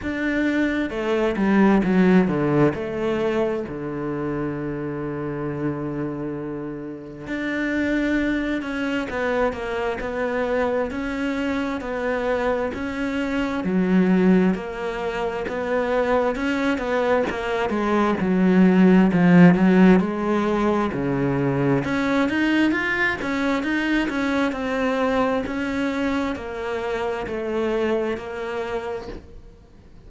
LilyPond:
\new Staff \with { instrumentName = "cello" } { \time 4/4 \tempo 4 = 66 d'4 a8 g8 fis8 d8 a4 | d1 | d'4. cis'8 b8 ais8 b4 | cis'4 b4 cis'4 fis4 |
ais4 b4 cis'8 b8 ais8 gis8 | fis4 f8 fis8 gis4 cis4 | cis'8 dis'8 f'8 cis'8 dis'8 cis'8 c'4 | cis'4 ais4 a4 ais4 | }